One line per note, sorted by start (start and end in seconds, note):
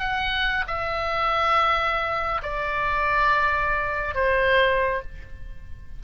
0.00 0.65 F#5
0.68 2.42 E5
2.43 4.15 D5
4.15 5.02 C5